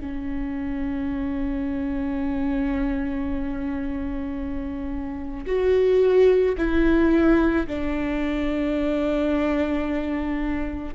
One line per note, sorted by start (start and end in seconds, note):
0.00 5.45 C#4
5.46 6.56 F#4
6.58 7.67 E4
7.67 10.94 D4